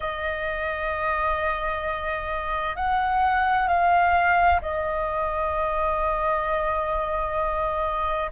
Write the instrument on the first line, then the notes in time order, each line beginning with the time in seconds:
flute
0.00 D#5
2.76 F#5
3.68 F5
4.61 D#5